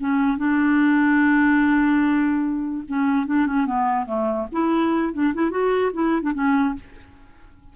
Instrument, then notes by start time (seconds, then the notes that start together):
clarinet
0.00 C#4
0.38 D4
2.88 C#4
3.27 D4
3.47 C#4
3.66 B3
4.06 A3
4.52 E4
5.14 D4
5.34 E4
5.51 F#4
5.94 E4
6.22 D4
6.34 C#4